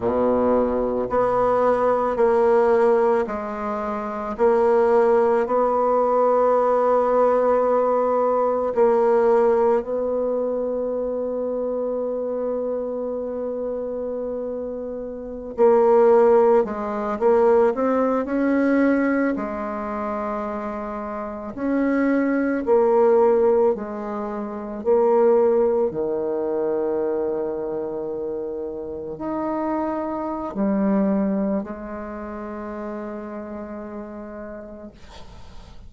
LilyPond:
\new Staff \with { instrumentName = "bassoon" } { \time 4/4 \tempo 4 = 55 b,4 b4 ais4 gis4 | ais4 b2. | ais4 b2.~ | b2~ b16 ais4 gis8 ais16~ |
ais16 c'8 cis'4 gis2 cis'16~ | cis'8. ais4 gis4 ais4 dis16~ | dis2~ dis8. dis'4~ dis'16 | g4 gis2. | }